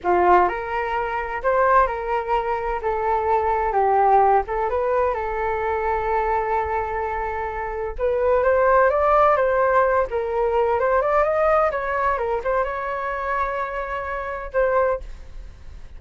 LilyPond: \new Staff \with { instrumentName = "flute" } { \time 4/4 \tempo 4 = 128 f'4 ais'2 c''4 | ais'2 a'2 | g'4. a'8 b'4 a'4~ | a'1~ |
a'4 b'4 c''4 d''4 | c''4. ais'4. c''8 d''8 | dis''4 cis''4 ais'8 c''8 cis''4~ | cis''2. c''4 | }